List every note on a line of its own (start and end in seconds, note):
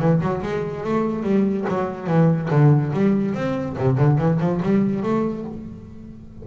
0.00 0.21 E3
0.22 0.43 F#3
0.43 0.84 G#3
0.84 1.23 A3
1.23 1.65 G3
1.69 2.07 F#3
2.07 2.49 E3
2.51 2.93 D3
2.93 3.35 G3
3.35 3.77 C4
3.79 3.98 C3
3.98 4.18 D3
4.18 4.39 E3
4.40 4.61 F3
4.63 5.03 G3
5.03 5.45 A3